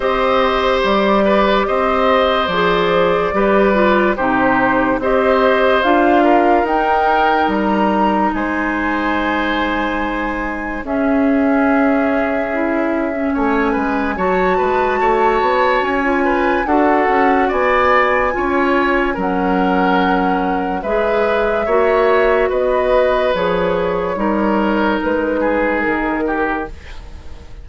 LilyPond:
<<
  \new Staff \with { instrumentName = "flute" } { \time 4/4 \tempo 4 = 72 dis''4 d''4 dis''4 d''4~ | d''4 c''4 dis''4 f''4 | g''4 ais''4 gis''2~ | gis''4 e''2. |
gis''4 a''2 gis''4 | fis''4 gis''2 fis''4~ | fis''4 e''2 dis''4 | cis''2 b'4 ais'4 | }
  \new Staff \with { instrumentName = "oboe" } { \time 4/4 c''4. b'8 c''2 | b'4 g'4 c''4. ais'8~ | ais'2 c''2~ | c''4 gis'2. |
cis''8 b'8 cis''8 b'8 cis''4. b'8 | a'4 d''4 cis''4 ais'4~ | ais'4 b'4 cis''4 b'4~ | b'4 ais'4. gis'4 g'8 | }
  \new Staff \with { instrumentName = "clarinet" } { \time 4/4 g'2. gis'4 | g'8 f'8 dis'4 g'4 f'4 | dis'1~ | dis'4 cis'2 e'8. cis'16~ |
cis'4 fis'2~ fis'16 f'8. | fis'2 f'4 cis'4~ | cis'4 gis'4 fis'2 | gis'4 dis'2. | }
  \new Staff \with { instrumentName = "bassoon" } { \time 4/4 c'4 g4 c'4 f4 | g4 c4 c'4 d'4 | dis'4 g4 gis2~ | gis4 cis'2. |
a8 gis8 fis8 gis8 a8 b8 cis'4 | d'8 cis'8 b4 cis'4 fis4~ | fis4 gis4 ais4 b4 | f4 g4 gis4 dis4 | }
>>